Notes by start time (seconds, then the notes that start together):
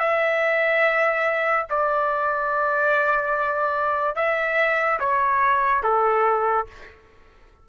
0.00 E5
1.70 D5
4.16 E5
5.00 C#5
5.84 A4